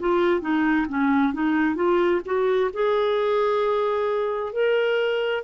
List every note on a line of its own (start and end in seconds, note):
0.00 0.41 F4
0.41 0.87 D#4
0.88 1.33 C#4
1.33 1.76 D#4
1.76 2.21 F4
2.25 2.71 F#4
2.74 4.53 G#4
4.53 5.44 A#4